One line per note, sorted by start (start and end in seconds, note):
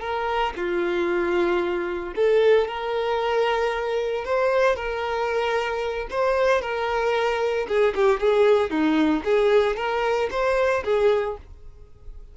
0.00 0.53 A#4
0.56 2.14 F4
2.15 2.67 A4
2.67 4.25 A#4
4.25 4.76 C5
4.76 6.07 A#4
6.10 6.61 C5
6.61 7.67 A#4
7.67 7.94 G#4
7.95 8.20 G4
8.20 8.70 G#4
8.70 9.23 D#4
9.24 9.76 G#4
9.76 10.29 A#4
10.30 10.83 C5
10.84 11.37 G#4